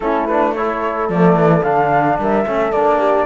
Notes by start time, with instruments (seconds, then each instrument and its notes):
0.00 cello A3, trombone C#4, horn E4, flute A4
0.26 trombone D4, flute B4
0.54 trombone E4, horn A4, flute C#5
1.09 cello F3, trombone A3, flute D5
1.34 cello E3
1.63 cello D3, trombone D4, flute F5
2.19 cello G3, horn A#4, flute E5
2.45 cello A3, trombone C#4, horn A4
2.71 cello A#3, trombone D4, flute D5
2.98 horn G4